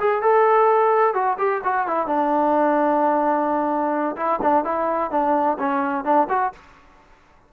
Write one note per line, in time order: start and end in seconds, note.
0.00 0.22 G#4
0.22 1.15 A4
1.15 1.38 F#4
1.38 1.62 G4
1.64 1.88 F#4
1.88 2.07 E4
2.07 4.16 D4
4.17 4.40 E4
4.42 4.65 D4
4.65 5.11 E4
5.11 5.58 D4
5.59 6.05 C#4
6.05 6.28 D4
6.29 6.53 F#4